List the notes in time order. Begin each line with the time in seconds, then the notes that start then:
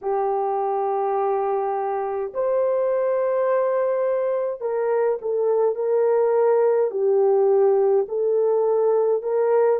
0.01 G4
2.33 C5
4.60 A#4
5.21 A4
5.75 A#4
6.90 G4
8.08 A4
9.22 A#4